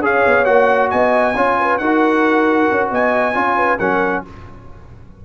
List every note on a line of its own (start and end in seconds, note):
0.00 0.22 C#4
0.00 0.45 G#4
0.00 0.91 C#5
0.00 0.45 F5
0.26 0.47 B3
0.45 0.92 A#3
0.45 1.34 F#4
0.45 0.89 F#5
0.90 1.36 B3
0.90 1.35 D#5
0.90 1.78 G#5
1.35 1.79 C#4
1.35 1.81 F4
1.35 1.57 C#5
1.59 1.81 B4
1.78 2.68 D#4
1.78 3.34 F#4
1.78 2.91 A#4
1.78 2.89 F#5
2.71 2.91 C#4
2.91 3.34 B3
2.91 3.35 D#5
2.91 3.79 G#5
3.34 3.79 C#4
3.34 3.78 F4
3.34 3.57 C#5
3.57 3.79 B4
3.79 4.24 F#3
3.79 4.25 C#4
3.79 4.24 A#4
3.79 4.23 F#5